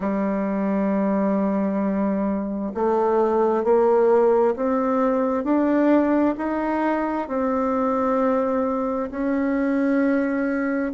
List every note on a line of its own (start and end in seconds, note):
0.00 2.72 G3
2.74 3.64 A3
3.64 4.55 A#3
4.56 5.43 C4
5.43 6.34 D4
6.37 7.28 D#4
7.28 9.10 C4
9.10 10.92 C#4